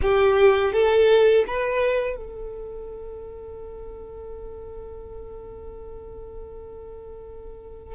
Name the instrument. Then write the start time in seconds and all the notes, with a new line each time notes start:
violin
0.02 G4
0.72 A4
1.47 B4
2.16 A4